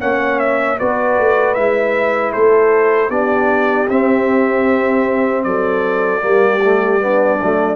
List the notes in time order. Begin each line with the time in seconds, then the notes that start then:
0.00 A#3 C#4 C#5 F#5
0.39 E5
0.79 B3 F#4 B4 D5
1.18 A3
1.54 G#3 E4 E5
2.33 A3 A4 C5
3.09 B3 D4 G4 D5
3.88 C4 E5
5.44 F#3 A4 D5
6.21 G3 A#3 G4
6.62 A3
6.99 B3 D4
7.42 F#3 A3